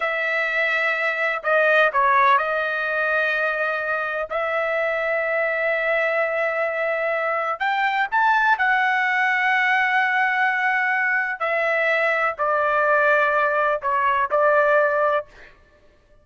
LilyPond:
\new Staff \with { instrumentName = "trumpet" } { \time 4/4 \tempo 4 = 126 e''2. dis''4 | cis''4 dis''2.~ | dis''4 e''2.~ | e''1 |
g''4 a''4 fis''2~ | fis''1 | e''2 d''2~ | d''4 cis''4 d''2 | }